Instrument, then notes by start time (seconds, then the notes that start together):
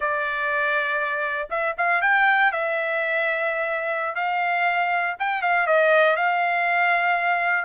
trumpet
0.00 D5
1.50 E5
1.77 F5
2.01 G5
2.52 E5
4.15 F5
5.19 G5
5.42 F5
5.67 D#5
6.16 F5